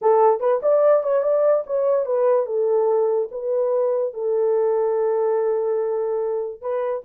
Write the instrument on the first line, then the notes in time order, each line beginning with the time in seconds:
horn
0.01 A4
0.39 B4
0.62 D5
1.03 C#5
1.22 D5
1.66 C#5
2.05 B4
2.46 A4
3.31 B4
4.13 A4
6.61 B4